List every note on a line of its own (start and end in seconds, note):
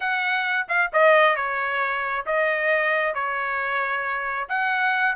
0.00 0.66 F#5
0.68 0.90 F5
0.92 1.36 D#5
1.36 2.25 C#5
2.26 3.14 D#5
3.14 4.48 C#5
4.48 5.15 F#5